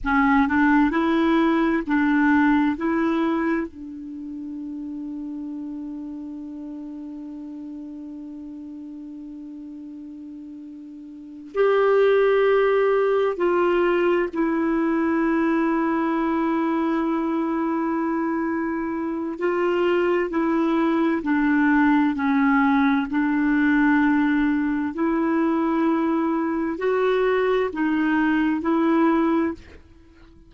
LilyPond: \new Staff \with { instrumentName = "clarinet" } { \time 4/4 \tempo 4 = 65 cis'8 d'8 e'4 d'4 e'4 | d'1~ | d'1~ | d'8 g'2 f'4 e'8~ |
e'1~ | e'4 f'4 e'4 d'4 | cis'4 d'2 e'4~ | e'4 fis'4 dis'4 e'4 | }